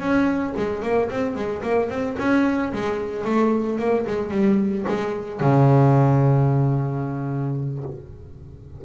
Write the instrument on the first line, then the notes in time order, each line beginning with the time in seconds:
double bass
0.00 C#4
0.57 G#3
0.83 A#3
1.10 C4
1.35 G#3
1.63 A#3
1.90 C4
2.18 C#4
2.73 G#3
3.25 A3
3.79 A#3
4.07 G#3
4.31 G3
4.88 G#3
5.41 C#3